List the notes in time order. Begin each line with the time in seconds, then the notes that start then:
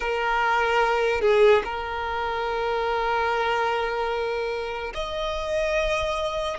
0.00 A#4
1.21 G#4
1.64 A#4
4.94 D#5